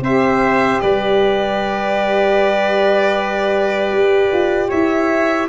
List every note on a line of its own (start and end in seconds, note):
0.00 0.78 C4
0.00 5.48 G4
0.00 0.81 C5
0.00 0.80 E5
0.80 3.92 G3
0.80 4.68 B4
0.80 4.70 D5
3.92 4.31 G4
4.32 4.71 F4
4.68 5.48 E4
4.68 5.46 C#5
4.68 5.48 E5